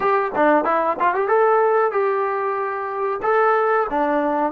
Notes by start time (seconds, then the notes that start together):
0.00 G4
0.35 D4
0.64 E4
0.99 F4
1.14 G4
1.28 A4
1.91 G4
3.22 A4
3.90 D4